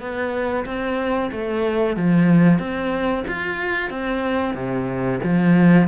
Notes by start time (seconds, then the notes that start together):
0.00 B3
0.66 C4
1.32 A3
1.97 F3
2.59 C4
3.28 F4
3.90 C4
4.55 C3
5.24 F3